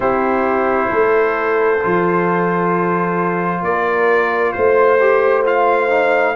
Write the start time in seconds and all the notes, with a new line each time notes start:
0.00 C4 E4 G4 C5
0.89 A3 A4
1.80 F3 F4
3.61 A#3 A#4 D5
4.52 A3 C5
5.00 G4
5.45 F4 F5
5.89 D#4